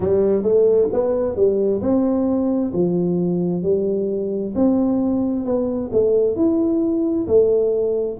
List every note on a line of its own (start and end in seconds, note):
0.00 0.43 G3
0.43 0.88 A3
0.92 1.36 B3
1.36 1.81 G3
1.81 2.72 C4
2.73 3.62 F3
3.62 4.53 G3
4.55 5.45 C4
5.45 5.90 B3
5.92 6.36 A3
6.36 7.26 E4
7.27 8.18 A3